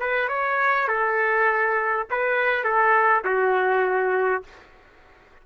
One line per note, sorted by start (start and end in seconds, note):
0.00 0.29 B4
0.29 0.88 C#5
0.88 2.07 A4
2.10 2.64 B4
2.64 3.24 A4
3.25 4.44 F#4